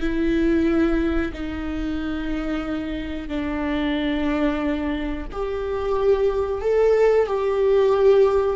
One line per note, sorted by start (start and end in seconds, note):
0.00 1.32 E4
1.33 3.28 D#4
3.28 5.26 D4
5.32 6.61 G4
6.61 7.26 A4
7.26 8.56 G4